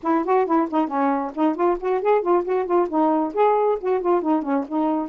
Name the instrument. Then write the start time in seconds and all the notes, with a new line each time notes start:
saxophone
0.02 E4
0.24 F#4
0.45 E4
0.70 D#4
0.87 C#4
1.34 D#4
1.55 F4
1.80 F#4
2.01 G#4
2.21 F4
2.44 F#4
2.65 F4
2.88 D#4
3.33 G#4
3.80 F#4
4.01 F4
4.21 D#4
4.42 C#4
4.67 D#4